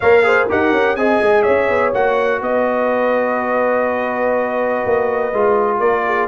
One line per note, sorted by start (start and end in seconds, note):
0.00 0.50 A#3
0.00 0.23 A#4
0.00 0.24 C#5
0.00 0.47 F5
0.23 0.47 G#4
0.23 0.48 C5
0.48 0.72 D#4
0.48 0.97 G4
0.48 0.97 A#4
0.48 0.96 F#5
0.72 0.96 C#4
0.96 1.20 C4
0.96 1.94 G#4
0.96 1.42 D#5
0.96 1.42 G#5
1.21 1.45 G#3
1.42 1.69 C#4
1.42 2.39 C#5
1.42 1.90 E5
1.69 1.93 B3
1.93 2.41 A#3
1.93 5.33 F#4
1.93 2.42 F#5
2.41 4.83 B3
2.41 5.80 B4
2.41 5.79 D#5
4.85 5.32 A#3
5.32 5.79 G#3
5.32 6.28 F4
5.79 6.28 A#3
5.79 6.04 A#4
5.79 6.28 D5
6.05 6.28 G#4